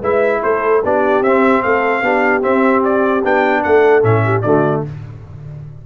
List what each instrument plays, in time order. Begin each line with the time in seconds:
0.00 tuba G#3, trombone E4, horn B4, trumpet E5
0.43 tuba A3, horn A4, trumpet C5
0.83 tuba B3, trombone D4, horn G4, trumpet D5
1.22 tuba C4, trombone C4, trumpet E5
1.63 tuba A3, horn A4, trumpet F5
2.02 tuba B3, trombone D4, horn G4
2.41 trombone C4, tuba C4, trumpet E5
2.84 trumpet D5
3.24 tuba B3, trombone D4, trumpet G5
3.63 tuba A3, horn A4, trumpet F#5
4.02 tuba A2, trombone C#4, trumpet E5
4.24 horn G4
4.42 tuba D3, trombone A3, horn F#4, trumpet D5